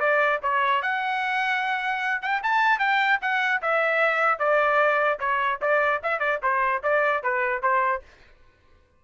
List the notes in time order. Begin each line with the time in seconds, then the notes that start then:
0.00 D5
0.43 C#5
0.82 F#5
2.22 G5
2.43 A5
2.79 G5
3.22 F#5
3.62 E5
4.39 D5
5.20 C#5
5.61 D5
6.03 E5
6.20 D5
6.43 C5
6.83 D5
7.23 B4
7.62 C5